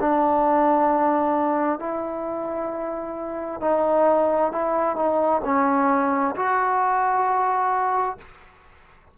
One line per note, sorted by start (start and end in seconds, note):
0.00 1.79 D4
1.79 3.61 E4
3.61 4.52 D#4
4.52 4.96 E4
4.96 5.41 D#4
5.44 6.35 C#4
6.36 8.17 F#4